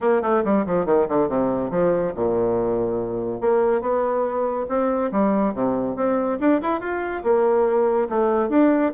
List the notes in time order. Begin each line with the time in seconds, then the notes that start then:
0.00 A#3
0.22 A3
0.44 G3
0.66 F3
0.85 D#3
1.08 D3
1.28 C3
1.70 F3
2.15 A#2
3.40 A#3
3.81 B3
4.68 C4
5.11 G3
5.54 C3
5.96 C4
6.39 D4
6.61 E4
6.80 F4
7.23 A#3
8.09 A3
8.49 D4